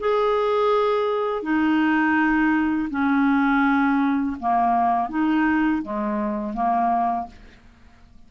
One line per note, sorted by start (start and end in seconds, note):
0.00 1.43 G#4
1.43 2.89 D#4
2.90 4.36 C#4
4.40 5.09 A#3
5.09 5.82 D#4
5.82 6.54 G#3
6.54 7.27 A#3